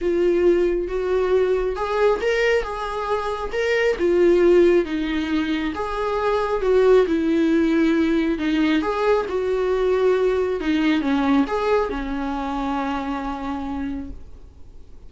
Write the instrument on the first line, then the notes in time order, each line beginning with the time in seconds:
viola
0.01 F4
0.87 F#4
1.75 G#4
2.21 A#4
2.62 G#4
3.52 A#4
3.98 F4
4.85 D#4
5.74 G#4
6.61 F#4
7.06 E4
8.38 D#4
8.81 G#4
9.29 F#4
10.60 D#4
11.01 C#4
11.47 G#4
11.89 C#4